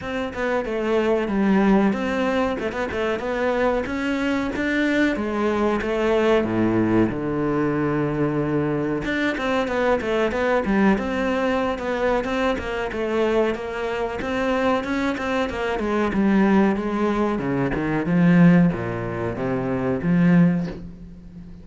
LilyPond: \new Staff \with { instrumentName = "cello" } { \time 4/4 \tempo 4 = 93 c'8 b8 a4 g4 c'4 | a16 b16 a8 b4 cis'4 d'4 | gis4 a4 a,4 d4~ | d2 d'8 c'8 b8 a8 |
b8 g8 c'4~ c'16 b8. c'8 ais8 | a4 ais4 c'4 cis'8 c'8 | ais8 gis8 g4 gis4 cis8 dis8 | f4 ais,4 c4 f4 | }